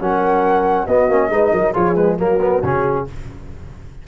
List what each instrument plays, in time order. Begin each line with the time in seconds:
0.00 tuba F#3, trombone C#4, horn A#4, flute F#5
0.86 tuba B3, trombone B3, horn F#4, flute D#5
1.08 tuba A#3, trombone C#4
1.30 tuba G#3, trombone D#4, horn B4
1.52 tuba F#3, horn A#4
1.73 tuba F3, trombone F4, horn G#4, flute C#5
1.95 trombone G#3, flute B4
2.17 tuba F#3, trombone A#3, horn F#4, flute A#4
2.41 trombone B3
2.63 tuba C#3, trombone C#4, flute G#4